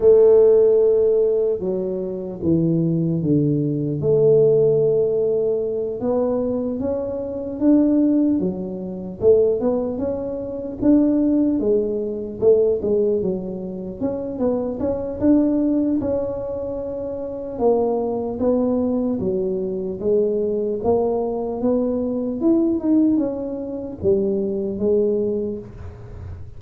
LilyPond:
\new Staff \with { instrumentName = "tuba" } { \time 4/4 \tempo 4 = 75 a2 fis4 e4 | d4 a2~ a8 b8~ | b8 cis'4 d'4 fis4 a8 | b8 cis'4 d'4 gis4 a8 |
gis8 fis4 cis'8 b8 cis'8 d'4 | cis'2 ais4 b4 | fis4 gis4 ais4 b4 | e'8 dis'8 cis'4 g4 gis4 | }